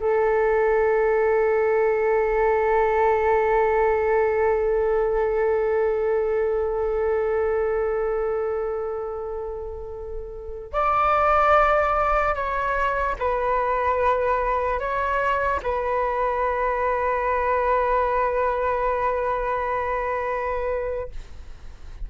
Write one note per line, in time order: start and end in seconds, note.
0.00 10.72 A4
10.72 12.34 D5
12.34 13.15 C#5
13.19 14.79 B4
14.79 15.60 C#5
15.62 21.10 B4